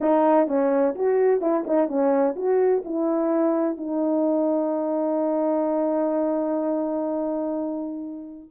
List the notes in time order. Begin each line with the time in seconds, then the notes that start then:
0.00 D#4
0.47 C#4
0.95 F#4
1.41 E4
1.66 D#4
1.87 C#4
2.36 F#4
2.84 E4
3.77 D#4